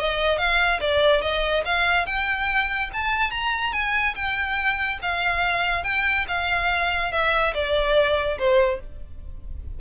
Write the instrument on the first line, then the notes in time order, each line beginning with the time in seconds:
violin
0.00 D#5
0.39 F5
0.81 D5
1.22 D#5
1.66 F5
2.06 G5
2.94 A5
3.31 A#5
3.73 G#5
4.15 G5
5.03 F5
5.84 G5
6.28 F5
7.12 E5
7.54 D5
8.39 C5